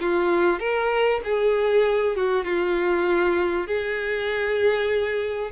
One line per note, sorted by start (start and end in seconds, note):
0.00 0.59 F4
0.59 1.21 A#4
1.24 2.16 G#4
2.16 2.44 F#4
2.44 3.67 F4
3.67 5.50 G#4